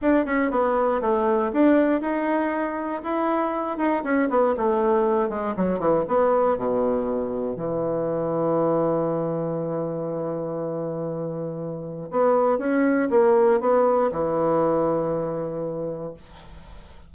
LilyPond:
\new Staff \with { instrumentName = "bassoon" } { \time 4/4 \tempo 4 = 119 d'8 cis'8 b4 a4 d'4 | dis'2 e'4. dis'8 | cis'8 b8 a4. gis8 fis8 e8 | b4 b,2 e4~ |
e1~ | e1 | b4 cis'4 ais4 b4 | e1 | }